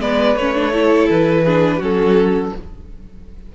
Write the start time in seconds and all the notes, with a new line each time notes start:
0.00 G#3 B3 B4 D5
0.36 A3 C#4 C#5
0.55 D4
0.73 E4 A4
1.10 E3 B4
1.45 D4 G#4
1.77 F#3 C#4 F#4 A4